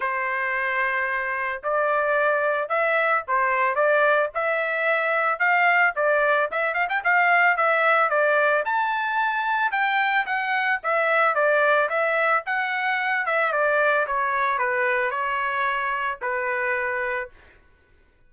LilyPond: \new Staff \with { instrumentName = "trumpet" } { \time 4/4 \tempo 4 = 111 c''2. d''4~ | d''4 e''4 c''4 d''4 | e''2 f''4 d''4 | e''8 f''16 g''16 f''4 e''4 d''4 |
a''2 g''4 fis''4 | e''4 d''4 e''4 fis''4~ | fis''8 e''8 d''4 cis''4 b'4 | cis''2 b'2 | }